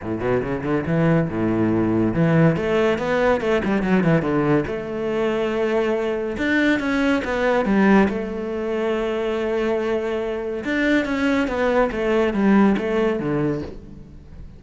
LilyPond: \new Staff \with { instrumentName = "cello" } { \time 4/4 \tempo 4 = 141 a,8 b,8 cis8 d8 e4 a,4~ | a,4 e4 a4 b4 | a8 g8 fis8 e8 d4 a4~ | a2. d'4 |
cis'4 b4 g4 a4~ | a1~ | a4 d'4 cis'4 b4 | a4 g4 a4 d4 | }